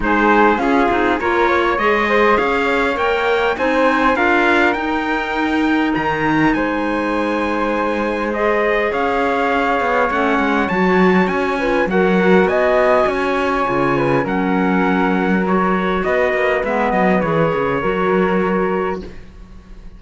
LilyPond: <<
  \new Staff \with { instrumentName = "trumpet" } { \time 4/4 \tempo 4 = 101 c''4 gis'4 cis''4 dis''4 | f''4 g''4 gis''4 f''4 | g''2 ais''4 gis''4~ | gis''2 dis''4 f''4~ |
f''4 fis''4 a''4 gis''4 | fis''4 gis''2. | fis''2 cis''4 dis''4 | e''8 dis''8 cis''2. | }
  \new Staff \with { instrumentName = "flute" } { \time 4/4 gis'4 f'4 ais'8 cis''4 c''8 | cis''2 c''4 ais'4~ | ais'2. c''4~ | c''2. cis''4~ |
cis''2.~ cis''8 b'8 | ais'4 dis''4 cis''4. b'8 | ais'2. b'4~ | b'2 ais'2 | }
  \new Staff \with { instrumentName = "clarinet" } { \time 4/4 dis'4 cis'8 dis'8 f'4 gis'4~ | gis'4 ais'4 dis'4 f'4 | dis'1~ | dis'2 gis'2~ |
gis'4 cis'4 fis'4. f'8 | fis'2. f'4 | cis'2 fis'2 | b4 gis'4 fis'2 | }
  \new Staff \with { instrumentName = "cello" } { \time 4/4 gis4 cis'8 c'8 ais4 gis4 | cis'4 ais4 c'4 d'4 | dis'2 dis4 gis4~ | gis2. cis'4~ |
cis'8 b8 a8 gis8 fis4 cis'4 | fis4 b4 cis'4 cis4 | fis2. b8 ais8 | gis8 fis8 e8 cis8 fis2 | }
>>